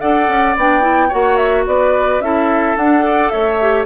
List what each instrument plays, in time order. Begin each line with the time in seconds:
0.00 bassoon D4, clarinet A4, oboe D5, flute F#5
0.27 bassoon C#4
0.56 bassoon B3, clarinet D4, flute G5
0.81 clarinet E4
1.08 bassoon A#3, clarinet F#4, oboe C#5, flute F#5
1.36 flute E5
1.66 bassoon B3, oboe B4, flute D5
2.20 bassoon C#4, clarinet E4, oboe A4, flute E5
2.76 bassoon D4, clarinet D4, flute F#5
3.00 clarinet A4, oboe D5
3.29 bassoon A3, oboe C#5, flute E5
3.61 clarinet G4